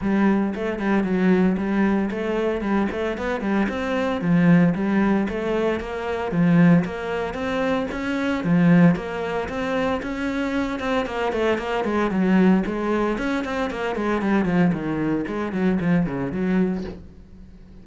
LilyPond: \new Staff \with { instrumentName = "cello" } { \time 4/4 \tempo 4 = 114 g4 a8 g8 fis4 g4 | a4 g8 a8 b8 g8 c'4 | f4 g4 a4 ais4 | f4 ais4 c'4 cis'4 |
f4 ais4 c'4 cis'4~ | cis'8 c'8 ais8 a8 ais8 gis8 fis4 | gis4 cis'8 c'8 ais8 gis8 g8 f8 | dis4 gis8 fis8 f8 cis8 fis4 | }